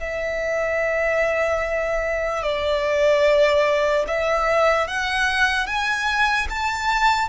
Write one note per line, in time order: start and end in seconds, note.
0.00 2.43 E5
2.43 4.05 D5
4.08 4.88 E5
4.88 5.66 F#5
5.66 6.48 G#5
6.49 7.29 A5